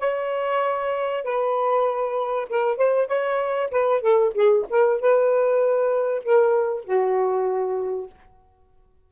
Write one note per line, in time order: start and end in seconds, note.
0.00 1.24 C#5
1.24 2.49 B4
2.50 2.78 A#4
2.78 3.08 C5
3.08 3.70 C#5
3.71 4.02 B4
4.02 4.33 A4
4.35 4.66 G#4
4.70 5.01 A#4
5.01 6.24 B4
6.24 6.85 A#4
6.85 8.10 F#4